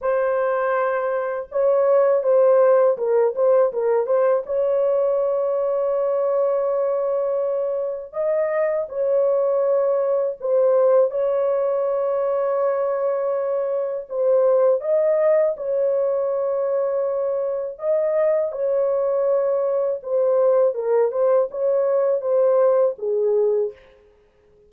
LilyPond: \new Staff \with { instrumentName = "horn" } { \time 4/4 \tempo 4 = 81 c''2 cis''4 c''4 | ais'8 c''8 ais'8 c''8 cis''2~ | cis''2. dis''4 | cis''2 c''4 cis''4~ |
cis''2. c''4 | dis''4 cis''2. | dis''4 cis''2 c''4 | ais'8 c''8 cis''4 c''4 gis'4 | }